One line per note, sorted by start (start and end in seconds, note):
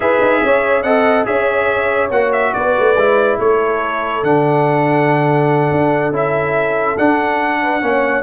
0.00 0.19 E4
0.00 0.84 G#4
0.00 0.43 B4
0.00 0.82 E5
0.20 0.41 D#4
0.43 0.83 C#4
0.43 0.83 C#5
0.82 1.25 C4
0.82 1.25 A4
0.82 1.25 D#5
0.82 1.24 F#5
1.25 2.10 C#4
1.25 2.10 G#4
1.25 2.53 C#5
1.25 2.10 E5
2.10 2.52 A#3
2.10 2.96 F#4
2.10 2.32 F#5
2.32 2.53 E5
2.53 2.76 B3
2.53 3.40 B4
2.53 3.38 D5
2.78 2.95 A3
2.95 3.38 G#3
2.95 4.24 E4
3.38 4.23 A3
3.38 7.61 A4
3.38 4.24 C#5
4.23 5.70 D3
4.23 6.12 D4
4.23 6.14 F#5
5.71 6.11 D4
6.11 6.96 C#4
6.11 6.97 E4
6.11 6.97 E5
6.97 7.82 D4
6.97 7.81 D4
6.97 8.22 F#5
7.61 7.82 B4
7.81 8.22 A#3
7.81 8.22 C#4
7.81 8.22 C#5